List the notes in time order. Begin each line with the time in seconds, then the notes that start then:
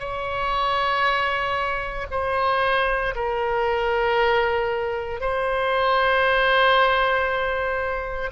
0.00 C#5
2.11 C5
3.16 A#4
5.21 C5